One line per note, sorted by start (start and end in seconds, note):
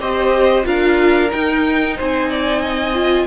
0.00 0.65 C4
0.00 0.64 G4
0.00 0.67 C5
0.00 0.66 D#5
0.64 1.32 D4
0.64 1.29 F4
0.64 1.97 A#4
0.64 1.32 F5
1.32 2.94 D#4
1.32 2.00 D#4
1.32 1.97 G5
1.97 3.28 C4
1.97 2.29 C5
1.97 3.28 G#5
2.30 2.62 D5
2.62 3.27 D#5
2.94 3.27 F4